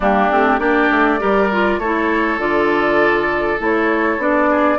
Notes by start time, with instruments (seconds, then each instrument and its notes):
0.00 bassoon G3, clarinet A#3, oboe D4, flute G4
0.30 bassoon A3, clarinet C4
0.59 bassoon A#3, clarinet D4, oboe G4, flute D5
0.91 bassoon A3
1.19 bassoon G3, clarinet G4, oboe A#4
1.51 clarinet F4
1.78 bassoon A3, clarinet E4, oboe A4, flute C#5
2.38 bassoon D3, clarinet F4, flute D5
3.58 bassoon A3, clarinet E4, flute C#5
4.17 bassoon B3, clarinet D4, flute D5
4.50 oboe G#4